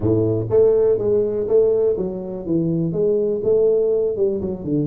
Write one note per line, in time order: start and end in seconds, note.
0.00 0.47 A2
0.50 0.98 A3
0.98 1.47 G#3
1.47 1.96 A3
1.97 2.45 F#3
2.46 2.92 E3
2.92 3.41 G#3
3.43 4.16 A3
4.16 4.41 G3
4.41 4.63 F#3
4.63 4.87 D3